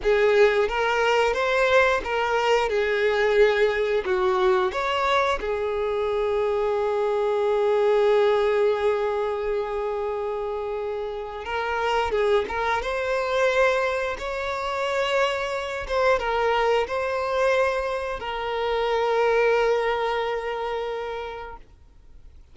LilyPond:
\new Staff \with { instrumentName = "violin" } { \time 4/4 \tempo 4 = 89 gis'4 ais'4 c''4 ais'4 | gis'2 fis'4 cis''4 | gis'1~ | gis'1~ |
gis'4 ais'4 gis'8 ais'8 c''4~ | c''4 cis''2~ cis''8 c''8 | ais'4 c''2 ais'4~ | ais'1 | }